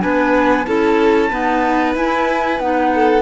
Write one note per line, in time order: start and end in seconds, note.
0.00 0.67 B3
0.00 0.65 D4
0.00 0.66 B4
0.00 0.65 G#5
0.65 1.32 C#4
0.65 1.30 E4
0.65 1.30 A4
0.65 1.94 A5
1.30 1.94 B3
1.30 1.96 D#4
1.30 2.91 B4
1.95 2.59 E4
1.95 2.60 E4
1.95 2.59 G#5
2.59 3.22 B3
2.59 3.22 D#4
2.59 3.22 F#5
2.95 3.22 A4